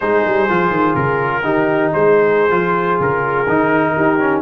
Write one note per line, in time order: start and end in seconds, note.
0.00 0.25 G#3
0.00 0.49 D#4
0.00 1.44 G#4
0.00 0.95 C5
0.25 0.49 G3
0.49 0.70 F3
0.49 1.42 F4
0.70 0.94 D#3
0.95 1.43 C#3
0.95 1.91 A#4
1.42 1.91 D#3
1.42 2.50 D#4
1.42 1.92 G4
1.92 2.51 G#3
1.92 3.95 G#4
1.92 3.01 C5
2.50 2.99 F3
2.50 3.46 F4
2.99 3.47 C#3
2.99 4.41 A#4
3.48 3.96 D#3
3.48 4.19 D#4
3.95 4.41 D#4
3.95 4.41 G4
4.19 4.41 C#4